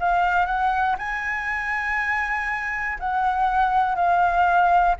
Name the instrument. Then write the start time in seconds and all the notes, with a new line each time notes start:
flute
0.00 F5
0.45 F#5
0.98 G#5
2.99 F#5
3.95 F5